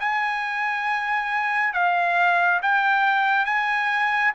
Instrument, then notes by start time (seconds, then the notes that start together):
trumpet
0.00 G#5
1.74 F5
2.62 G5
3.45 G#5